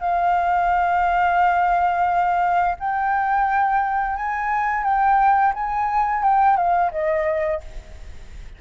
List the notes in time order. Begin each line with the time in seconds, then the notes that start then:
0.00 F5
2.79 G5
4.16 G#5
4.84 G5
5.54 G#5
6.23 G5
6.57 F5
6.91 D#5